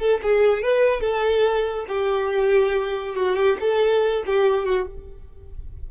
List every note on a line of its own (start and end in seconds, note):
0.00 0.21 A4
0.23 0.63 G#4
0.63 1.01 B4
1.01 1.86 A4
1.89 3.16 G4
3.16 3.37 F#4
3.37 3.58 G4
3.61 4.25 A4
4.26 4.66 G4
4.66 4.87 F#4